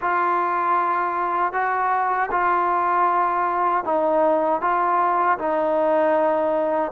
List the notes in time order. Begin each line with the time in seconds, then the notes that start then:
0.01 F4
1.52 F#4
2.31 F4
3.84 D#4
4.61 F4
5.38 D#4